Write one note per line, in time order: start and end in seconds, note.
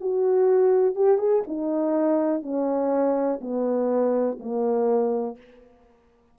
0.00 0.95 F#4
0.95 1.18 G4
1.18 1.42 G#4
1.47 2.42 D#4
2.42 3.39 C#4
3.40 4.38 B3
4.39 5.37 A#3